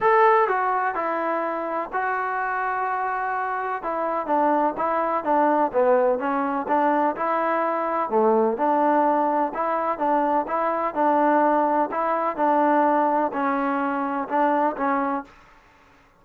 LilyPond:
\new Staff \with { instrumentName = "trombone" } { \time 4/4 \tempo 4 = 126 a'4 fis'4 e'2 | fis'1 | e'4 d'4 e'4 d'4 | b4 cis'4 d'4 e'4~ |
e'4 a4 d'2 | e'4 d'4 e'4 d'4~ | d'4 e'4 d'2 | cis'2 d'4 cis'4 | }